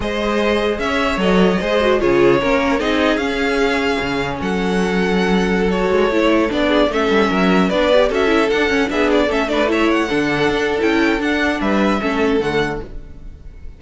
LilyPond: <<
  \new Staff \with { instrumentName = "violin" } { \time 4/4 \tempo 4 = 150 dis''2 e''4 dis''4~ | dis''4 cis''2 dis''4 | f''2. fis''4~ | fis''2~ fis''16 cis''4.~ cis''16~ |
cis''16 d''4 e''2 d''8.~ | d''16 e''4 fis''4 e''8 d''8 e''8 d''16~ | d''16 e''8 fis''2~ fis''16 g''4 | fis''4 e''2 fis''4 | }
  \new Staff \with { instrumentName = "violin" } { \time 4/4 c''2 cis''2 | c''4 gis'4 ais'4 gis'4~ | gis'2. a'4~ | a'1~ |
a'8. gis'8 a'4 ais'4 b'8.~ | b'16 a'2 gis'4 a'8 b'16~ | b'16 cis''4 a'2~ a'8.~ | a'4 b'4 a'2 | }
  \new Staff \with { instrumentName = "viola" } { \time 4/4 gis'2. a'4 | gis'8 fis'8 f'4 cis'4 dis'4 | cis'1~ | cis'2~ cis'16 fis'4 e'8.~ |
e'16 d'4 cis'2 d'8 g'16~ | g'16 fis'8 e'8 d'8 cis'8 d'4 cis'8 d'16~ | d'16 e'4 d'4.~ d'16 e'4 | d'2 cis'4 a4 | }
  \new Staff \with { instrumentName = "cello" } { \time 4/4 gis2 cis'4 fis4 | gis4 cis4 ais4 c'4 | cis'2 cis4 fis4~ | fis2~ fis8. gis8 a8.~ |
a16 b4 a8 g8 fis4 b8.~ | b16 cis'4 d'8 cis'8 b4 a8.~ | a4~ a16 d4 d'8. cis'4 | d'4 g4 a4 d4 | }
>>